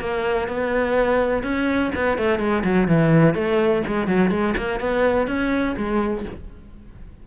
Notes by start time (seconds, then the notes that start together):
0.00 A#3
0.48 B3
1.43 C#4
1.95 B3
2.17 A3
2.39 G#3
2.64 F#3
2.87 E3
3.34 A3
3.86 G#3
4.07 F#3
4.30 G#3
4.57 A#3
4.80 B3
5.27 C#4
5.76 G#3